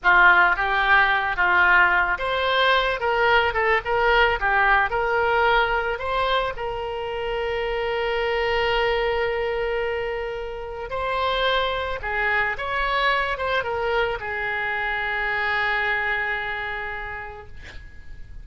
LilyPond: \new Staff \with { instrumentName = "oboe" } { \time 4/4 \tempo 4 = 110 f'4 g'4. f'4. | c''4. ais'4 a'8 ais'4 | g'4 ais'2 c''4 | ais'1~ |
ais'1 | c''2 gis'4 cis''4~ | cis''8 c''8 ais'4 gis'2~ | gis'1 | }